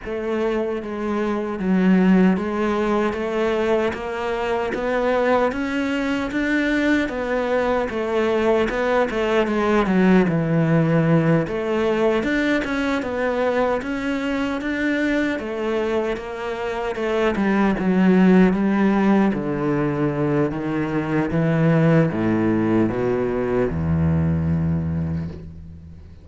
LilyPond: \new Staff \with { instrumentName = "cello" } { \time 4/4 \tempo 4 = 76 a4 gis4 fis4 gis4 | a4 ais4 b4 cis'4 | d'4 b4 a4 b8 a8 | gis8 fis8 e4. a4 d'8 |
cis'8 b4 cis'4 d'4 a8~ | a8 ais4 a8 g8 fis4 g8~ | g8 d4. dis4 e4 | a,4 b,4 e,2 | }